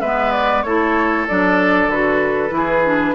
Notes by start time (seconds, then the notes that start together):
0.00 G#3 B3 B4 E5
0.31 D5
0.62 A3 E4 A4 C#5
1.27 F#3 D4 D5
1.87 D3 F#4 B4
2.49 E3 E4
2.56 G#4
2.85 D4